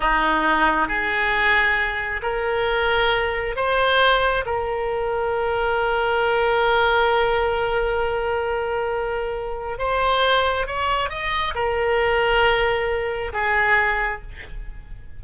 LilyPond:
\new Staff \with { instrumentName = "oboe" } { \time 4/4 \tempo 4 = 135 dis'2 gis'2~ | gis'4 ais'2. | c''2 ais'2~ | ais'1~ |
ais'1~ | ais'2 c''2 | cis''4 dis''4 ais'2~ | ais'2 gis'2 | }